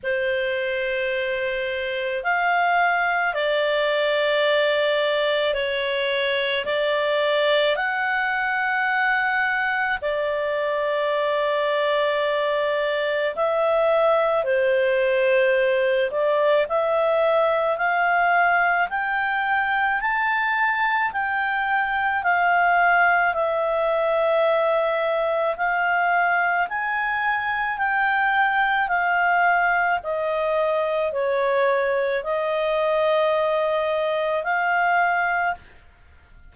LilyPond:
\new Staff \with { instrumentName = "clarinet" } { \time 4/4 \tempo 4 = 54 c''2 f''4 d''4~ | d''4 cis''4 d''4 fis''4~ | fis''4 d''2. | e''4 c''4. d''8 e''4 |
f''4 g''4 a''4 g''4 | f''4 e''2 f''4 | gis''4 g''4 f''4 dis''4 | cis''4 dis''2 f''4 | }